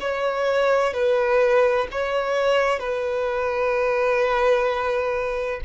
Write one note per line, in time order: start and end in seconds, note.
0.00 0.93 C#5
0.93 1.87 B4
1.91 2.79 C#5
2.79 5.60 B4